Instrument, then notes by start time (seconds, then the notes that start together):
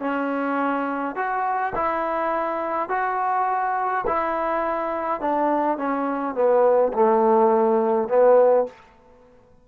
trombone
0.00 C#4
1.15 F#4
1.75 E4
2.89 F#4
4.07 E4
5.21 D4
5.78 C#4
6.35 B3
6.93 A3
8.08 B3